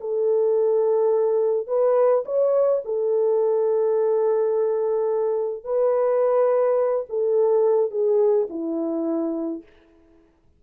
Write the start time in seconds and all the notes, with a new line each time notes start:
0.00 A4
1.67 B4
2.25 C#5
2.85 A4
5.64 B4
7.09 A4
7.91 G#4
8.49 E4